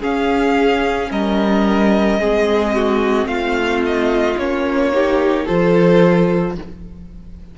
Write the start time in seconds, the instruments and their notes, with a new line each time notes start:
0.00 viola C#4, cello C#4, violin G#4 F5
1.12 cello G3, violin A#4 D#5
2.19 cello G#3, viola C4, violin G#4
2.75 violin F#4
3.27 cello A3, violin F4 F5
3.86 violin D#5
4.38 cello A#3, viola C#4, violin C#5
4.93 viola D#4, violin G4
5.46 cello F3, viola F4, violin A4 C5